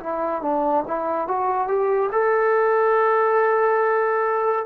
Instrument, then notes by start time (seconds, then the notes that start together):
trombone
0.00 E4
0.42 D4
0.87 E4
1.28 F#4
1.68 G4
2.12 A4